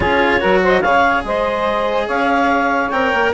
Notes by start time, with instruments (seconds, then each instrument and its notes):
0.00 bassoon C#4, cello F4, saxophone G#4, clarinet C#5
0.40 bassoon F#3, cello F#4, saxophone A#4
0.63 saxophone C5, clarinet D#5
0.81 bassoon C#3, cello G#4, saxophone C#5, clarinet F5
1.24 bassoon G#3, saxophone C5, clarinet D#5
2.06 bassoon C#4, saxophone C#5, clarinet F5
2.90 bassoon C4, cello A#4, clarinet G5
3.13 bassoon A#3